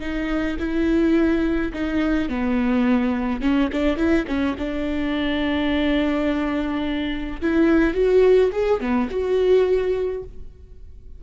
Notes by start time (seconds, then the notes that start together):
0.00 D#4
0.59 E4
1.73 D#4
2.29 B3
3.41 C#4
3.73 D4
3.97 E4
4.27 C#4
4.58 D4
7.41 E4
7.94 F#4
8.52 G#4
8.80 B3
9.10 F#4